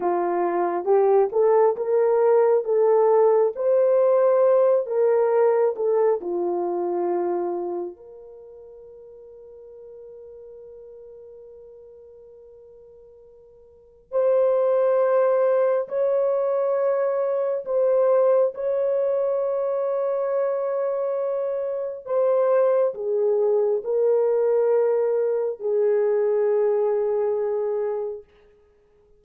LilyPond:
\new Staff \with { instrumentName = "horn" } { \time 4/4 \tempo 4 = 68 f'4 g'8 a'8 ais'4 a'4 | c''4. ais'4 a'8 f'4~ | f'4 ais'2.~ | ais'1 |
c''2 cis''2 | c''4 cis''2.~ | cis''4 c''4 gis'4 ais'4~ | ais'4 gis'2. | }